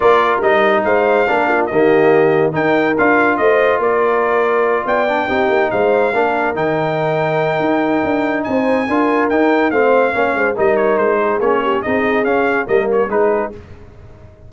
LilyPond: <<
  \new Staff \with { instrumentName = "trumpet" } { \time 4/4 \tempo 4 = 142 d''4 dis''4 f''2 | dis''2 g''4 f''4 | dis''4 d''2~ d''8 g''8~ | g''4. f''2 g''8~ |
g''1 | gis''2 g''4 f''4~ | f''4 dis''8 cis''8 c''4 cis''4 | dis''4 f''4 dis''8 cis''8 b'4 | }
  \new Staff \with { instrumentName = "horn" } { \time 4/4 ais'2 c''4 ais'8 f'8 | g'2 ais'2 | c''4 ais'2~ ais'8 d''8~ | d''8 g'4 c''4 ais'4.~ |
ais'1 | c''4 ais'2 c''4 | cis''8 c''8 ais'4. gis'4 g'8 | gis'2 ais'4 gis'4 | }
  \new Staff \with { instrumentName = "trombone" } { \time 4/4 f'4 dis'2 d'4 | ais2 dis'4 f'4~ | f'1 | d'8 dis'2 d'4 dis'8~ |
dis'1~ | dis'4 f'4 dis'4 c'4 | cis'4 dis'2 cis'4 | dis'4 cis'4 ais4 dis'4 | }
  \new Staff \with { instrumentName = "tuba" } { \time 4/4 ais4 g4 gis4 ais4 | dis2 dis'4 d'4 | a4 ais2~ ais8 b8~ | b8 c'8 ais8 gis4 ais4 dis8~ |
dis2 dis'4 d'4 | c'4 d'4 dis'4 a4 | ais8 gis8 g4 gis4 ais4 | c'4 cis'4 g4 gis4 | }
>>